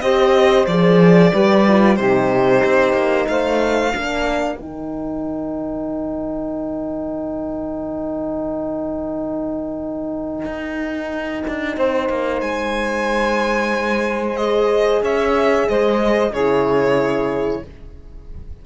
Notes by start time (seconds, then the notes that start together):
0.00 C4 G4 C5 D#5
0.67 F3 G#4 D5
1.32 G3 G4 B4
1.68 F4
1.96 C3 D#4 G4 C5
2.64 C4
2.93 A#3
3.28 A3 C5 F5
3.94 A#3 D4 A#4
4.56 D#3 D#4 G5
10.45 D#4
11.47 D4
11.77 C4 C5
12.09 A#3
12.41 G#3 G#5
14.36 G#4 D#5
15.02 C#4 C#5 E5
15.68 G#3 C5 D#5
16.30 C#3 E4 G#4 C#5